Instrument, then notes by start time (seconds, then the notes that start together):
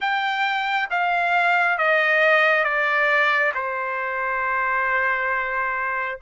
trumpet
0.00 G5
0.90 F5
1.78 D#5
2.64 D5
3.54 C5